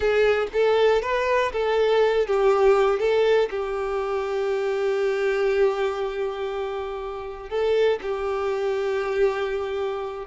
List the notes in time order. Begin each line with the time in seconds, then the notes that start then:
0.00 G#4
0.53 A4
1.01 B4
1.52 A4
2.26 G4
2.99 A4
3.50 G4
7.49 A4
8.02 G4